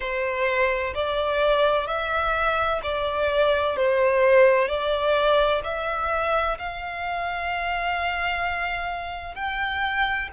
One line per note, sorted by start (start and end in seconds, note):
0.00 0.93 C5
0.94 1.87 D5
1.87 2.80 E5
2.83 3.76 D5
3.76 4.67 C5
4.67 5.61 D5
5.64 6.58 E5
6.58 9.35 F5
9.35 10.28 G5